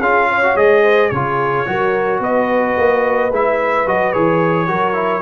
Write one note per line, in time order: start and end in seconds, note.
0.00 0.56 C#4
0.00 0.43 F4
0.00 0.28 G#4
0.00 0.57 F5
0.30 0.83 C#5
0.43 0.57 F#4
0.56 1.11 G#3
0.56 1.12 G#4
0.56 1.10 D#5
0.83 1.11 C5
1.10 1.67 C#3
1.10 1.67 F4
1.10 1.67 G#4
1.10 2.20 C#5
1.67 2.20 F#3
1.67 3.32 F#4
1.67 2.22 A#4
2.20 2.75 B3
2.20 4.69 B4
2.20 3.33 D#5
2.78 3.32 A#3
3.32 3.87 G#3
3.32 3.87 E4
3.32 3.89 E5
3.87 4.15 F#3
3.87 4.14 F#4
3.87 4.13 D#5
4.13 4.70 E3
4.13 4.68 G#4
4.13 5.23 C#5
4.68 5.23 F#3
4.68 4.94 F#4
4.68 5.23 A#4
4.94 5.22 E4